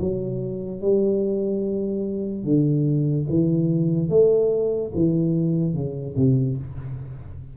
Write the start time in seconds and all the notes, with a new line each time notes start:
0.00 F#3
0.81 G3
2.44 D3
3.29 E3
4.09 A3
4.94 E3
5.74 C#3
6.16 C3